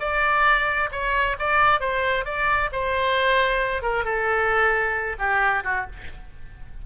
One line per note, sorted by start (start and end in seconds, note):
0.00 0.90 D5
0.92 1.37 C#5
1.39 1.80 D5
1.80 2.25 C5
2.25 2.70 D5
2.72 3.82 C5
3.82 4.05 A#4
4.05 5.17 A4
5.19 5.64 G4
5.64 5.87 F#4